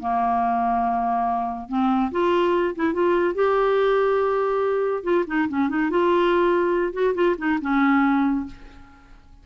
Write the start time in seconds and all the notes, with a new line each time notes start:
0.00 A#3
1.69 C4
2.11 F4
2.75 E4
2.93 F4
3.34 G4
5.03 F4
5.27 D#4
5.49 C#4
5.69 D#4
5.90 F4
6.93 F#4
7.15 F4
7.38 D#4
7.62 C#4